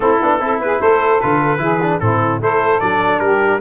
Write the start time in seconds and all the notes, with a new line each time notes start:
0.00 A3 C4 E4 A4
0.21 B3 D4
0.40 C4 E4 A4
0.59 B3 G#4 B4
0.79 A3 A4 C5
1.20 D3 F4 B4
1.58 E3 E4 G#4
1.81 D4
1.99 A2 C4 E4 A4
2.40 A3 E4 A4 C5
2.80 F#3 D4 D5
3.19 G3 G4 A#4